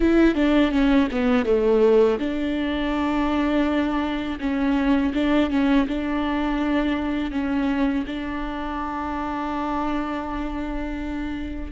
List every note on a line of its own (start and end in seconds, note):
0.00 0.34 E4
0.34 0.71 D4
0.71 1.07 C#4
1.11 1.45 B3
1.45 2.18 A3
2.19 4.38 D4
4.39 5.13 C#4
5.14 5.50 D4
5.50 5.86 C#4
5.87 7.31 D4
7.31 8.04 C#4
8.06 11.72 D4